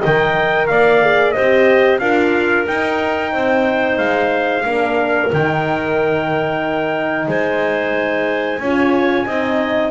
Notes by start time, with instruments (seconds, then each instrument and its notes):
0.00 double bass D#3, horn A#4, clarinet D#5, trumpet G5
0.67 double bass A#3, clarinet D5, trumpet F5
1.02 horn G#4
1.31 double bass C4, horn G4, clarinet C5, trumpet D#5
1.99 double bass D4, horn F4, clarinet A#4, trumpet F5
2.66 horn D#4, double bass D#4, trumpet G5
3.32 double bass C4, clarinet C5
3.98 double bass G#3, trumpet F5
4.65 double bass A#3, horn D4, clarinet A#4
5.31 double bass D#3, horn D#4, trumpet G5
7.28 double bass G#3, clarinet C5, trumpet G#5
8.59 double bass C#4, horn F4, clarinet C#5
9.26 double bass C4, horn D#4, clarinet D#5